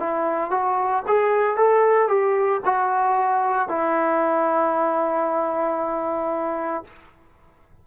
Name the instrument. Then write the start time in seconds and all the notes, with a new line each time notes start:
trombone
0.00 E4
0.51 F#4
1.08 G#4
1.57 A4
2.09 G4
2.66 F#4
3.69 E4